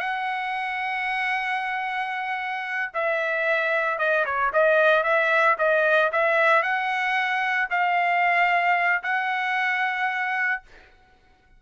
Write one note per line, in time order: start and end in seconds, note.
0.00 2.92 F#5
2.94 3.99 E5
3.99 4.25 D#5
4.26 4.52 C#5
4.53 5.04 D#5
5.04 5.57 E5
5.58 6.11 D#5
6.12 6.63 E5
6.63 7.69 F#5
7.70 9.03 F5
9.03 10.62 F#5